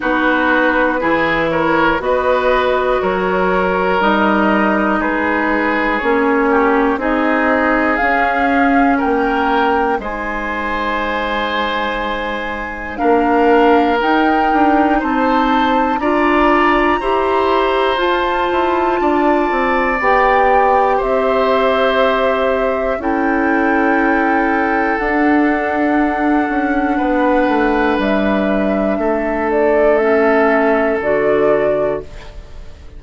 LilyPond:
<<
  \new Staff \with { instrumentName = "flute" } { \time 4/4 \tempo 4 = 60 b'4. cis''8 dis''4 cis''4 | dis''4 b'4 cis''4 dis''4 | f''4 g''4 gis''2~ | gis''4 f''4 g''4 a''4 |
ais''2 a''2 | g''4 e''2 g''4~ | g''4 fis''2. | e''4. d''8 e''4 d''4 | }
  \new Staff \with { instrumentName = "oboe" } { \time 4/4 fis'4 gis'8 ais'8 b'4 ais'4~ | ais'4 gis'4. g'8 gis'4~ | gis'4 ais'4 c''2~ | c''4 ais'2 c''4 |
d''4 c''2 d''4~ | d''4 c''2 a'4~ | a'2. b'4~ | b'4 a'2. | }
  \new Staff \with { instrumentName = "clarinet" } { \time 4/4 dis'4 e'4 fis'2 | dis'2 cis'4 dis'4 | cis'2 dis'2~ | dis'4 d'4 dis'2 |
f'4 g'4 f'2 | g'2. e'4~ | e'4 d'2.~ | d'2 cis'4 fis'4 | }
  \new Staff \with { instrumentName = "bassoon" } { \time 4/4 b4 e4 b4 fis4 | g4 gis4 ais4 c'4 | cis'4 ais4 gis2~ | gis4 ais4 dis'8 d'8 c'4 |
d'4 e'4 f'8 e'8 d'8 c'8 | b4 c'2 cis'4~ | cis'4 d'4. cis'8 b8 a8 | g4 a2 d4 | }
>>